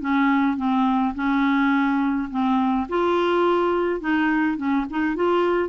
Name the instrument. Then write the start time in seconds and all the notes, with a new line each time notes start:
clarinet
0.00 C#4
0.56 C4
1.15 C#4
2.30 C4
2.88 F4
4.00 D#4
4.57 C#4
4.89 D#4
5.15 F4